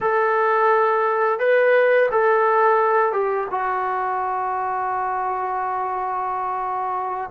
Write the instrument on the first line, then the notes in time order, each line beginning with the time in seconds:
trombone
0.00 A4
1.39 B4
2.11 A4
3.12 G4
3.50 F#4